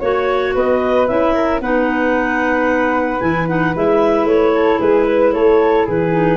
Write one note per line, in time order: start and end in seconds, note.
0.00 0.55 A#3
0.00 1.08 F#4
0.00 0.53 C#5
0.00 0.54 C#5
0.54 1.09 B3
0.54 1.34 B4
0.54 1.07 D#5
1.07 1.61 C#4
1.07 1.61 E4
1.07 1.60 E5
1.34 1.61 A#4
1.61 3.20 B3
1.61 3.20 D#4
1.61 4.53 B4
1.61 3.20 F#5
3.20 3.75 E3
3.20 3.47 E4
3.20 3.47 G#5
3.47 3.74 D#4
3.47 3.75 F#5
3.76 4.24 G#3
3.76 6.11 E4
3.76 4.27 E5
4.24 4.77 A3
4.24 4.80 C#5
4.54 4.79 A4
4.79 5.34 G#3
4.79 5.05 G#4
4.79 5.33 B4
5.06 5.33 B4
5.33 5.87 A3
5.33 5.86 A4
5.33 5.86 C#5
5.86 6.37 E3
5.86 6.37 G#4
5.86 6.37 B4
6.11 6.37 D#4